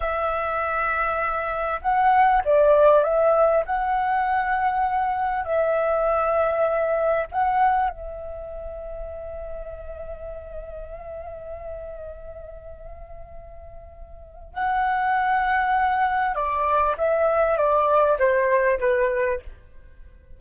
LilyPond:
\new Staff \with { instrumentName = "flute" } { \time 4/4 \tempo 4 = 99 e''2. fis''4 | d''4 e''4 fis''2~ | fis''4 e''2. | fis''4 e''2.~ |
e''1~ | e''1 | fis''2. d''4 | e''4 d''4 c''4 b'4 | }